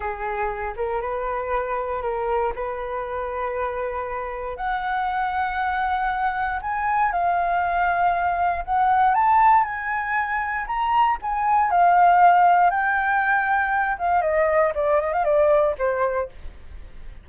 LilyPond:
\new Staff \with { instrumentName = "flute" } { \time 4/4 \tempo 4 = 118 gis'4. ais'8 b'2 | ais'4 b'2.~ | b'4 fis''2.~ | fis''4 gis''4 f''2~ |
f''4 fis''4 a''4 gis''4~ | gis''4 ais''4 gis''4 f''4~ | f''4 g''2~ g''8 f''8 | dis''4 d''8 dis''16 f''16 d''4 c''4 | }